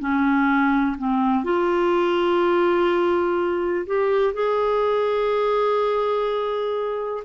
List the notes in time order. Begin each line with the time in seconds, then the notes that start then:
0.00 C#4
0.98 C4
1.44 F4
3.86 G4
4.33 G#4